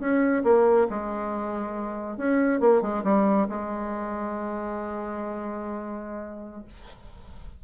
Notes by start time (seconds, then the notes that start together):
0.00 C#4
0.44 A#3
0.90 G#3
2.18 C#4
2.60 A#3
2.82 G#3
3.04 G3
3.49 G#3